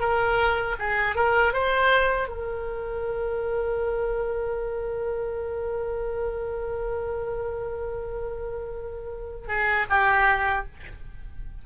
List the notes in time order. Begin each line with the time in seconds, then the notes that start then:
0.00 A#4
0.79 G#4
1.16 A#4
1.53 C5
2.28 A#4
9.48 G#4
9.90 G4